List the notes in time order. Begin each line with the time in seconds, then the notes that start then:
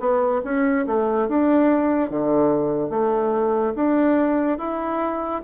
0.00 B3
0.44 C#4
0.87 A3
1.28 D4
2.10 D3
2.90 A3
3.75 D4
4.58 E4